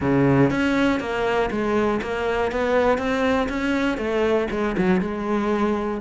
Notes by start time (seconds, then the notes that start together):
0.00 C#3
0.50 C#4
1.00 A#3
1.50 G#3
2.01 A#3
2.51 B3
2.97 C4
3.49 C#4
3.97 A3
4.50 G#3
4.77 F#3
5.00 G#3